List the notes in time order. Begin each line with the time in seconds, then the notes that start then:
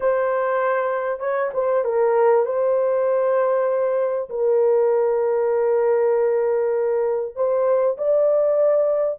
0.00 C5
1.19 C#5
1.53 C5
1.84 A#4
2.45 C5
4.29 A#4
7.35 C5
7.97 D5